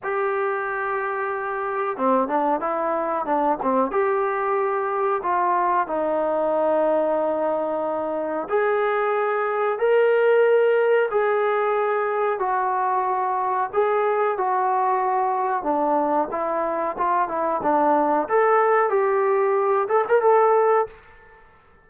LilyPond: \new Staff \with { instrumentName = "trombone" } { \time 4/4 \tempo 4 = 92 g'2. c'8 d'8 | e'4 d'8 c'8 g'2 | f'4 dis'2.~ | dis'4 gis'2 ais'4~ |
ais'4 gis'2 fis'4~ | fis'4 gis'4 fis'2 | d'4 e'4 f'8 e'8 d'4 | a'4 g'4. a'16 ais'16 a'4 | }